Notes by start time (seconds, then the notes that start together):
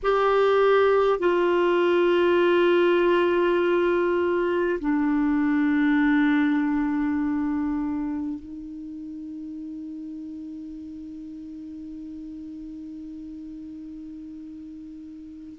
0.02 G4
1.19 F4
4.80 D4
8.39 D#4